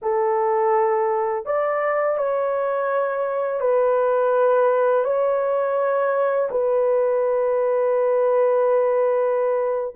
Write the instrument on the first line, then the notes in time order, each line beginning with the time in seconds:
horn
0.02 A4
1.45 D5
2.17 C#5
3.60 B4
5.04 C#5
6.51 B4